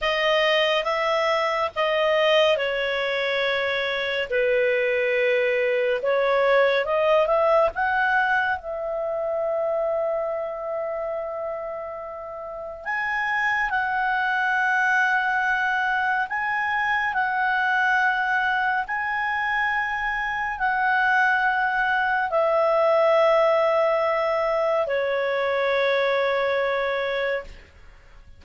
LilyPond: \new Staff \with { instrumentName = "clarinet" } { \time 4/4 \tempo 4 = 70 dis''4 e''4 dis''4 cis''4~ | cis''4 b'2 cis''4 | dis''8 e''8 fis''4 e''2~ | e''2. gis''4 |
fis''2. gis''4 | fis''2 gis''2 | fis''2 e''2~ | e''4 cis''2. | }